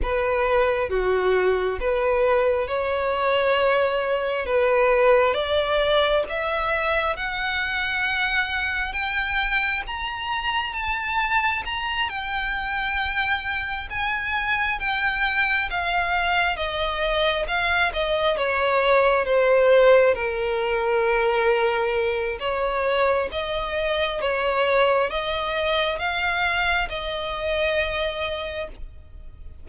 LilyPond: \new Staff \with { instrumentName = "violin" } { \time 4/4 \tempo 4 = 67 b'4 fis'4 b'4 cis''4~ | cis''4 b'4 d''4 e''4 | fis''2 g''4 ais''4 | a''4 ais''8 g''2 gis''8~ |
gis''8 g''4 f''4 dis''4 f''8 | dis''8 cis''4 c''4 ais'4.~ | ais'4 cis''4 dis''4 cis''4 | dis''4 f''4 dis''2 | }